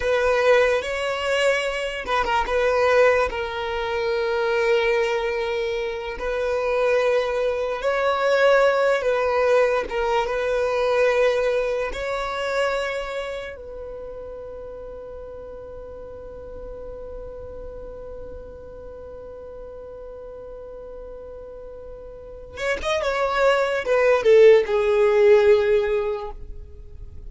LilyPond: \new Staff \with { instrumentName = "violin" } { \time 4/4 \tempo 4 = 73 b'4 cis''4. b'16 ais'16 b'4 | ais'2.~ ais'8 b'8~ | b'4. cis''4. b'4 | ais'8 b'2 cis''4.~ |
cis''8 b'2.~ b'8~ | b'1~ | b'2.~ b'8 cis''16 dis''16 | cis''4 b'8 a'8 gis'2 | }